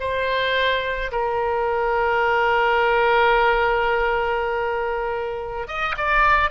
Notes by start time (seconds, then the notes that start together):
0.00 C5
1.11 A#4
5.67 D#5
5.97 D5